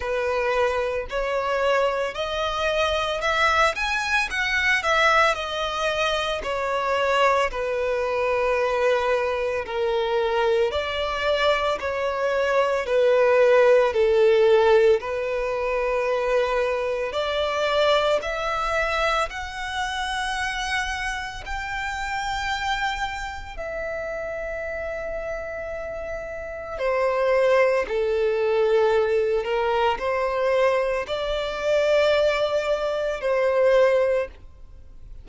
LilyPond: \new Staff \with { instrumentName = "violin" } { \time 4/4 \tempo 4 = 56 b'4 cis''4 dis''4 e''8 gis''8 | fis''8 e''8 dis''4 cis''4 b'4~ | b'4 ais'4 d''4 cis''4 | b'4 a'4 b'2 |
d''4 e''4 fis''2 | g''2 e''2~ | e''4 c''4 a'4. ais'8 | c''4 d''2 c''4 | }